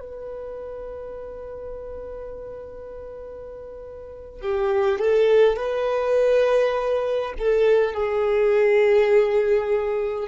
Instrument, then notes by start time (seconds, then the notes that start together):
violin
0.00 B4
4.41 G4
4.99 A4
5.57 B4
7.39 A4
7.94 G#4